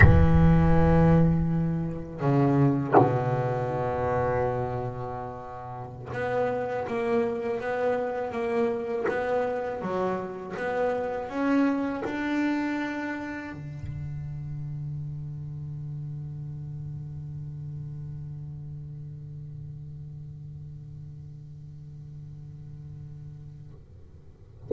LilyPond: \new Staff \with { instrumentName = "double bass" } { \time 4/4 \tempo 4 = 81 e2. cis4 | b,1~ | b,16 b4 ais4 b4 ais8.~ | ais16 b4 fis4 b4 cis'8.~ |
cis'16 d'2 d4.~ d16~ | d1~ | d1~ | d1 | }